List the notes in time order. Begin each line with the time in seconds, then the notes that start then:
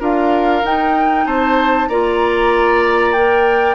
0.00 D4 F4 A#4 F5
0.64 D#4 G5
1.26 C4 C5 A5
1.89 A#3 F4 D5 A#5
3.13 A#4 G5